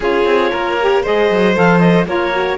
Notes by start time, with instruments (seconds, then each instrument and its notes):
0.00 cello C#4, saxophone F4, violin G#4, clarinet C#5
0.25 cello C4
0.51 cello A#3, violin A#4
0.81 saxophone G4
1.02 cello G#3, saxophone G#4, violin C5, clarinet D#5
1.30 cello F#3
1.54 cello F3, saxophone A4, clarinet F5
1.79 clarinet D#5
2.06 cello A#3, saxophone F4, violin A#4, clarinet C#5
2.33 saxophone F#4